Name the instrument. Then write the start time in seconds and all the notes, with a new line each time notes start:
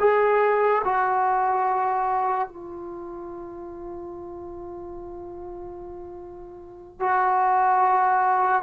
trombone
0.00 G#4
0.85 F#4
2.48 F4
7.00 F#4